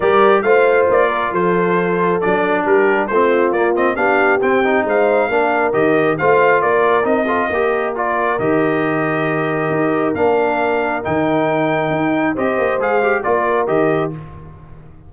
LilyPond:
<<
  \new Staff \with { instrumentName = "trumpet" } { \time 4/4 \tempo 4 = 136 d''4 f''4 d''4 c''4~ | c''4 d''4 ais'4 c''4 | d''8 dis''8 f''4 g''4 f''4~ | f''4 dis''4 f''4 d''4 |
dis''2 d''4 dis''4~ | dis''2. f''4~ | f''4 g''2. | dis''4 f''4 d''4 dis''4 | }
  \new Staff \with { instrumentName = "horn" } { \time 4/4 ais'4 c''4. ais'8 a'4~ | a'2 g'4 f'4~ | f'4 g'2 c''4 | ais'2 c''4 ais'4~ |
ais'8 a'8 ais'2.~ | ais'1~ | ais'1 | c''2 ais'2 | }
  \new Staff \with { instrumentName = "trombone" } { \time 4/4 g'4 f'2.~ | f'4 d'2 c'4 | ais8 c'8 d'4 c'8 dis'4. | d'4 g'4 f'2 |
dis'8 f'8 g'4 f'4 g'4~ | g'2. d'4~ | d'4 dis'2. | g'4 gis'8 g'8 f'4 g'4 | }
  \new Staff \with { instrumentName = "tuba" } { \time 4/4 g4 a4 ais4 f4~ | f4 fis4 g4 a4 | ais4 b4 c'4 gis4 | ais4 dis4 a4 ais4 |
c'4 ais2 dis4~ | dis2 dis'4 ais4~ | ais4 dis2 dis'4 | c'8 ais8 gis4 ais4 dis4 | }
>>